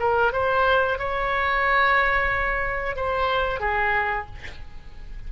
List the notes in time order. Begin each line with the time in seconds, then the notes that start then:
0.00 A#4
0.33 C5
0.99 C#5
2.96 C5
3.60 G#4